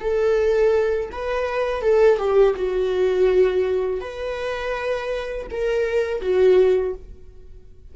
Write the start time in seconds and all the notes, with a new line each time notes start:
0.00 A4
1.12 B4
1.82 A4
2.18 G4
2.56 F#4
4.00 B4
5.50 A#4
6.21 F#4